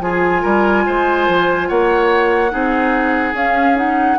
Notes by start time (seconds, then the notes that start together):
0.00 F3 F4 G#4 G#5
0.42 G3 A#4
0.86 G#3 C5
1.28 F3
1.68 A#3 C#5 F#5
2.50 C4 D#4 G#4
3.33 C#4 F5
3.75 D#4 F#5